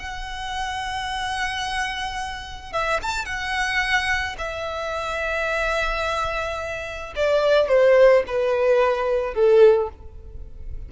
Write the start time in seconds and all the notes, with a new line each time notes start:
0.00 F#5
2.73 E5
3.03 A5
3.26 F#5
4.39 E5
7.16 D5
7.69 C5
8.27 B4
9.35 A4